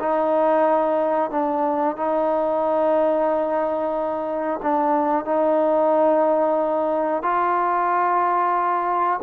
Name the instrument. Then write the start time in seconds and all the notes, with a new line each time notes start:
trombone
0.00 D#4
1.31 D4
1.97 D#4
4.62 D4
5.25 D#4
7.22 F4